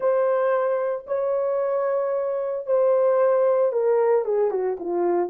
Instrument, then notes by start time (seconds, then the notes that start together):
horn
0.00 C5
1.06 C#5
2.66 C5
3.72 A#4
4.25 G#4
4.50 F#4
4.79 F4